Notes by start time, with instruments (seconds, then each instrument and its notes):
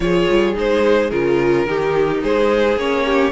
0.00 cello F3, viola F4, violin G#4 C#5
0.29 cello G3
0.54 cello G#3, viola D#4, violin C5
1.10 cello C#3, viola F4, violin A#4
1.66 cello D#3, viola D#4, violin G4
2.22 cello G#3, violin G#4 C5
2.76 cello A#3, viola C#4, violin C#5
3.05 violin G4